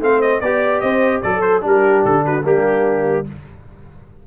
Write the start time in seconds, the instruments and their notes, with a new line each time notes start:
0.00 tuba A3, trombone C4, horn C5, trumpet F5
0.21 trumpet D#5
0.40 tuba B3, trombone G4, trumpet D5, horn D5
0.80 tuba C4, horn C5, trumpet D#5
1.22 tuba F#3, trombone A4, horn A4, trumpet D5
1.41 trumpet C5
1.61 tuba G3, trombone D4, horn G4, trumpet A#4
2.05 tuba D3, trumpet A4
2.24 horn F#4, trumpet B4
2.43 tuba G3, trombone A#3, horn D4, trumpet G4